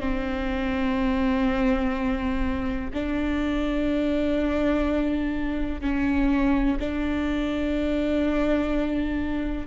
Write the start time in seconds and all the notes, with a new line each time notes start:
0.00 C4
2.93 D4
5.81 C#4
6.80 D4